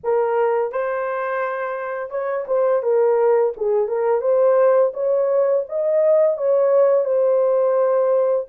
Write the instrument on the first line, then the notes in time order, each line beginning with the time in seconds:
horn
0.04 A#4
0.72 C5
2.10 C#5
2.47 C5
2.82 A#4
3.56 G#4
3.88 A#4
4.21 C5
4.93 C#5
5.68 D#5
6.37 C#5
7.04 C5